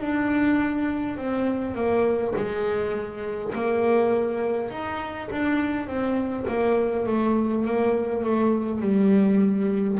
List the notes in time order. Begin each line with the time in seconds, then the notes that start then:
0.00 D4
1.17 C4
1.75 A#3
2.36 G#3
3.55 A#3
4.71 D#4
5.31 D4
5.87 C4
6.48 A#3
7.06 A3
7.65 A#3
8.24 A3
8.81 G3